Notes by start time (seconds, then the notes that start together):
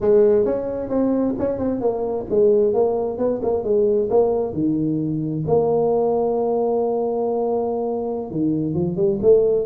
0.01 G#3
0.45 C#4
0.89 C4
1.38 C#4
1.58 C4
1.81 A#3
2.30 G#3
2.73 A#3
3.18 B3
3.42 A#3
3.63 G#3
4.10 A#3
4.53 D#3
5.47 A#3
8.30 D#3
8.74 F3
8.96 G3
9.21 A3